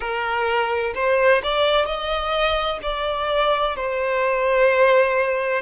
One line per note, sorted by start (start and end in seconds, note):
0.00 0.93 A#4
0.94 1.41 C5
1.43 1.85 D5
1.85 2.79 D#5
2.82 3.75 D5
3.76 5.61 C5